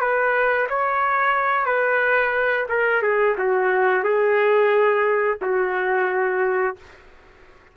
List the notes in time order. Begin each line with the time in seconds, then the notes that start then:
0.00 B4
0.69 C#5
1.65 B4
2.69 A#4
3.02 G#4
3.38 F#4
4.04 G#4
5.41 F#4